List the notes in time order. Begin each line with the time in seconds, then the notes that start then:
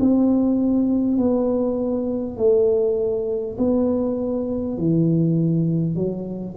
0.00 C4
1.18 B3
2.37 A3
3.59 B3
4.78 E3
5.96 F#3